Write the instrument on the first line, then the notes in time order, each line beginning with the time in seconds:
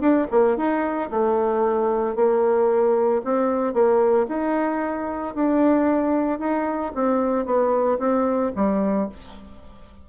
bassoon
0.00 D4
0.31 A#3
0.57 D#4
1.10 A3
2.15 A#3
3.24 C4
3.73 A#3
4.28 D#4
5.35 D4
6.39 D#4
6.95 C4
7.45 B3
7.99 C4
8.56 G3